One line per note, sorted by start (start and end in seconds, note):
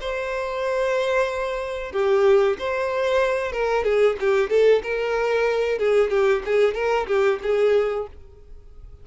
0.00 1.92 C5
1.92 2.57 G4
2.58 3.52 C5
3.52 3.84 A#4
3.84 4.16 G#4
4.20 4.50 G4
4.50 4.82 A4
4.83 5.78 A#4
5.78 6.10 G#4
6.10 6.42 G4
6.45 6.74 G#4
6.74 7.06 A#4
7.07 7.39 G4
7.42 8.07 G#4